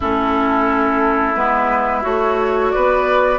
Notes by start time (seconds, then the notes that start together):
0.00 A3 C#4 E4 A4
1.34 G#3 B3 B4
2.02 A3 F#4 C#5
2.70 B3 B4 D5